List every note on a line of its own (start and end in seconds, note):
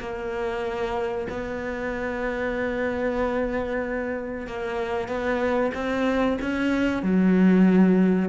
0.00 1.28 A#3
1.30 4.47 B3
4.47 5.08 A#3
5.08 5.72 B3
5.74 6.38 C4
6.42 7.03 C#4
7.03 8.29 F#3